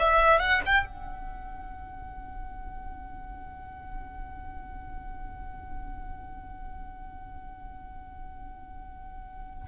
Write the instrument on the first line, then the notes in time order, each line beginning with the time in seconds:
violin
0.00 E5
0.40 F#5
0.66 G5
0.86 F#5